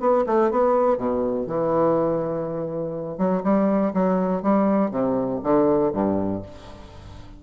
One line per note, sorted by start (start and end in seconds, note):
0.00 0.25 B3
0.26 0.51 A3
0.51 0.98 B3
0.98 1.47 B2
1.47 3.18 E3
3.18 3.42 F#3
3.44 3.93 G3
3.94 4.42 F#3
4.42 4.91 G3
4.91 5.40 C3
5.43 5.93 D3
5.93 6.42 G2